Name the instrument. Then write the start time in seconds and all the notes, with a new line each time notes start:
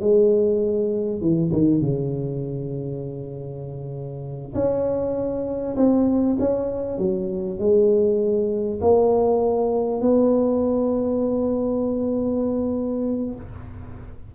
tuba
0.00 G#3
1.21 E3
1.52 D#3
1.81 C#3
4.54 C#4
5.76 C4
6.39 C#4
6.98 F#3
7.59 G#3
8.81 A#3
10.01 B3